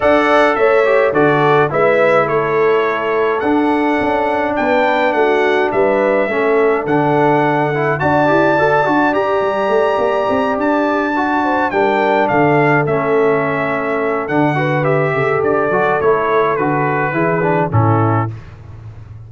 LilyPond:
<<
  \new Staff \with { instrumentName = "trumpet" } { \time 4/4 \tempo 4 = 105 fis''4 e''4 d''4 e''4 | cis''2 fis''2 | g''4 fis''4 e''2 | fis''2 a''2 |
ais''2~ ais''8 a''4.~ | a''8 g''4 f''4 e''4.~ | e''4 fis''4 e''4 d''4 | cis''4 b'2 a'4 | }
  \new Staff \with { instrumentName = "horn" } { \time 4/4 d''4 cis''4 a'4 b'4 | a'1 | b'4 fis'4 b'4 a'4~ | a'2 d''2~ |
d''1 | c''8 ais'4 a'2~ a'8~ | a'4. b'4 a'4.~ | a'2 gis'4 e'4 | }
  \new Staff \with { instrumentName = "trombone" } { \time 4/4 a'4. g'8 fis'4 e'4~ | e'2 d'2~ | d'2. cis'4 | d'4. e'8 fis'8 g'8 a'8 fis'8 |
g'2.~ g'8 fis'8~ | fis'8 d'2 cis'4.~ | cis'4 d'8 fis'8 g'4. fis'8 | e'4 fis'4 e'8 d'8 cis'4 | }
  \new Staff \with { instrumentName = "tuba" } { \time 4/4 d'4 a4 d4 gis4 | a2 d'4 cis'4 | b4 a4 g4 a4 | d2 d'8 e'8 fis'8 d'8 |
g'8 g8 a8 ais8 c'8 d'4.~ | d'8 g4 d4 a4.~ | a4 d4. cis8 d8 fis8 | a4 d4 e4 a,4 | }
>>